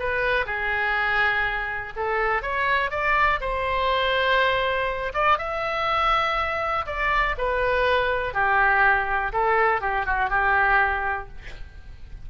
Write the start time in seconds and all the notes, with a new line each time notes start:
0.00 B4
0.46 G#4
1.96 A4
2.43 C#5
2.91 D5
3.41 C5
5.14 D5
5.39 E5
6.87 D5
7.38 B4
8.34 G4
9.33 A4
9.81 G4
10.06 F#4
10.30 G4